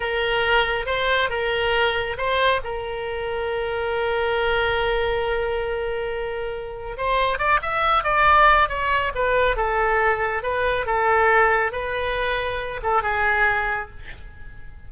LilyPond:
\new Staff \with { instrumentName = "oboe" } { \time 4/4 \tempo 4 = 138 ais'2 c''4 ais'4~ | ais'4 c''4 ais'2~ | ais'1~ | ais'1 |
c''4 d''8 e''4 d''4. | cis''4 b'4 a'2 | b'4 a'2 b'4~ | b'4. a'8 gis'2 | }